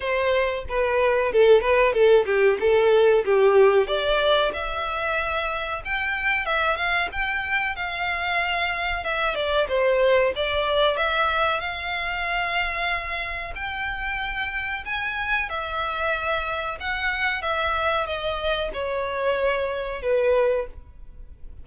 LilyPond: \new Staff \with { instrumentName = "violin" } { \time 4/4 \tempo 4 = 93 c''4 b'4 a'8 b'8 a'8 g'8 | a'4 g'4 d''4 e''4~ | e''4 g''4 e''8 f''8 g''4 | f''2 e''8 d''8 c''4 |
d''4 e''4 f''2~ | f''4 g''2 gis''4 | e''2 fis''4 e''4 | dis''4 cis''2 b'4 | }